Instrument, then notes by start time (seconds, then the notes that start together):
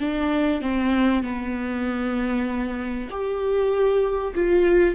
viola
0.00 D4
0.61 C4
1.23 B3
3.10 G4
4.35 F4